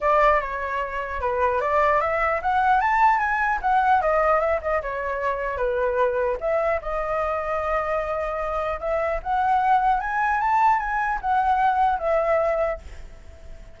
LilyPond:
\new Staff \with { instrumentName = "flute" } { \time 4/4 \tempo 4 = 150 d''4 cis''2 b'4 | d''4 e''4 fis''4 a''4 | gis''4 fis''4 dis''4 e''8 dis''8 | cis''2 b'2 |
e''4 dis''2.~ | dis''2 e''4 fis''4~ | fis''4 gis''4 a''4 gis''4 | fis''2 e''2 | }